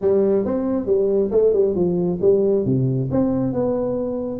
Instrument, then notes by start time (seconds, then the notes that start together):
tuba
0.01 G3
0.45 C4
0.86 G3
1.31 A3
1.53 G3
1.75 F3
2.21 G3
2.65 C3
3.11 C4
3.52 B3